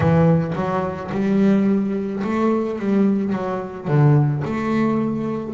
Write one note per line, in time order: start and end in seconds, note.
0.00 0.53 E3
0.55 1.10 F#3
1.11 2.22 G3
2.23 2.79 A3
2.79 3.32 G3
3.32 3.87 F#3
3.87 4.42 D3
4.44 5.54 A3